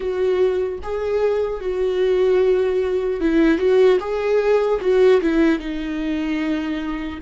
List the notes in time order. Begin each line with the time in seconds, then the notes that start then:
0.00 F#4
0.83 G#4
1.60 F#4
3.20 E4
3.57 F#4
4.00 G#4
4.80 F#4
5.21 E4
5.59 D#4